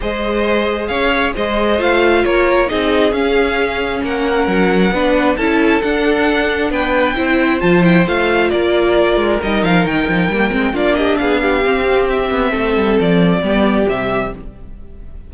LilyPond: <<
  \new Staff \with { instrumentName = "violin" } { \time 4/4 \tempo 4 = 134 dis''2 f''4 dis''4 | f''4 cis''4 dis''4 f''4~ | f''4 fis''2. | a''4 fis''2 g''4~ |
g''4 a''8 g''8 f''4 d''4~ | d''4 dis''8 f''8 g''2 | d''8 dis''8 f''2 e''4~ | e''4 d''2 e''4 | }
  \new Staff \with { instrumentName = "violin" } { \time 4/4 c''2 cis''4 c''4~ | c''4 ais'4 gis'2~ | gis'4 ais'2 b'4 | a'2. b'4 |
c''2. ais'4~ | ais'1 | f'8 g'8 gis'8 g'2~ g'8 | a'2 g'2 | }
  \new Staff \with { instrumentName = "viola" } { \time 4/4 gis'1 | f'2 dis'4 cis'4~ | cis'2. d'4 | e'4 d'2. |
e'4 f'8 e'8 f'2~ | f'4 dis'2 ais8 c'8 | d'2 c'2~ | c'2 b4 g4 | }
  \new Staff \with { instrumentName = "cello" } { \time 4/4 gis2 cis'4 gis4 | a4 ais4 c'4 cis'4~ | cis'4 ais4 fis4 b4 | cis'4 d'2 b4 |
c'4 f4 a4 ais4~ | ais8 gis8 g8 f8 dis8 f8 g8 gis8 | ais4 b4 c'4. b8 | a8 g8 f4 g4 c4 | }
>>